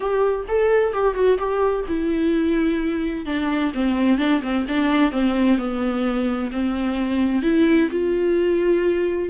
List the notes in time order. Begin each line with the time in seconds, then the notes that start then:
0.00 G4
0.48 A4
0.93 G4
1.14 F#4
1.38 G4
1.88 E4
3.25 D4
3.73 C4
4.17 D4
4.42 C4
4.67 D4
5.11 C4
5.58 B3
6.51 C4
7.42 E4
7.90 F4